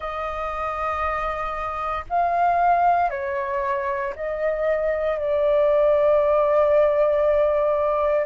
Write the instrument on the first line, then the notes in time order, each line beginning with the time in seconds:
flute
0.00 D#5
2.09 F5
3.10 C#5
4.15 D#5
5.18 D5